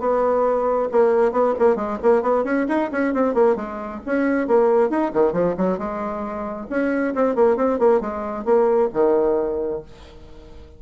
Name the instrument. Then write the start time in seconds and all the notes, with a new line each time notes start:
bassoon
0.00 B3
0.92 A#3
1.32 B3
1.59 A#3
1.76 G#3
2.03 A#3
2.22 B3
2.44 C#4
2.68 D#4
2.92 C#4
3.14 C4
3.34 A#3
3.56 G#3
4.06 C#4
4.47 A#3
4.89 D#4
5.13 D#3
5.33 F3
5.57 F#3
5.78 G#3
6.70 C#4
7.15 C4
7.35 A#3
7.57 C4
7.79 A#3
8.01 G#3
8.45 A#3
8.93 D#3